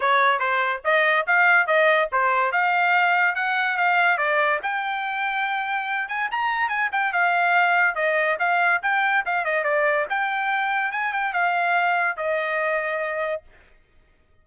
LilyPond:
\new Staff \with { instrumentName = "trumpet" } { \time 4/4 \tempo 4 = 143 cis''4 c''4 dis''4 f''4 | dis''4 c''4 f''2 | fis''4 f''4 d''4 g''4~ | g''2~ g''8 gis''8 ais''4 |
gis''8 g''8 f''2 dis''4 | f''4 g''4 f''8 dis''8 d''4 | g''2 gis''8 g''8 f''4~ | f''4 dis''2. | }